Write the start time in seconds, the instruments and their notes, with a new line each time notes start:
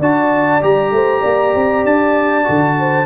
0.00 tuba D4, trombone F#4, horn D5, trumpet A5
0.61 tuba G3, trombone G4, trumpet A#5
0.92 tuba A3, horn C5
1.21 tuba A#3, horn D5
1.55 tuba C4
1.85 tuba D4, trumpet A5
2.44 tuba D3, trombone F#4
2.79 horn C5